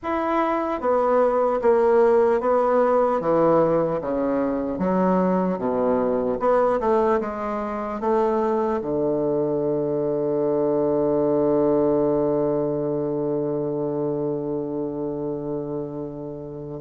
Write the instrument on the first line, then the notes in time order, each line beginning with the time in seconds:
bassoon
0.03 E4
0.80 B3
1.61 A#3
2.40 B3
3.20 E3
4.01 C#3
4.78 F#3
5.58 B2
6.39 B3
6.80 A3
7.20 G#3
8.00 A3
8.81 D3